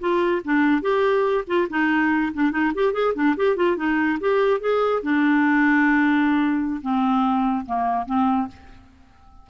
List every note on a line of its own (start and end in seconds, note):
0.00 0.42 F4
0.44 0.81 D4
0.81 1.44 G4
1.47 1.68 F4
1.70 2.32 D#4
2.34 2.51 D4
2.51 2.72 D#4
2.74 2.93 G4
2.93 3.14 G#4
3.14 3.35 D4
3.36 3.56 G4
3.56 3.76 F4
3.76 4.18 D#4
4.20 4.60 G4
4.60 5.02 G#4
5.02 6.81 D4
6.81 7.65 C4
7.66 8.06 A#3
8.06 8.48 C4